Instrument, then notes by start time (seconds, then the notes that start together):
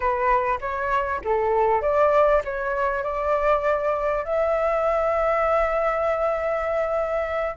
flute
0.00 B4
0.60 C#5
1.24 A4
1.81 D5
2.44 C#5
3.03 D5
4.24 E5